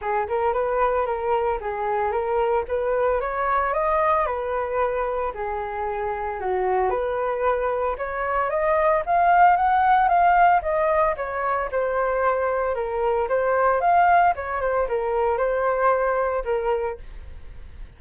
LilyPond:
\new Staff \with { instrumentName = "flute" } { \time 4/4 \tempo 4 = 113 gis'8 ais'8 b'4 ais'4 gis'4 | ais'4 b'4 cis''4 dis''4 | b'2 gis'2 | fis'4 b'2 cis''4 |
dis''4 f''4 fis''4 f''4 | dis''4 cis''4 c''2 | ais'4 c''4 f''4 cis''8 c''8 | ais'4 c''2 ais'4 | }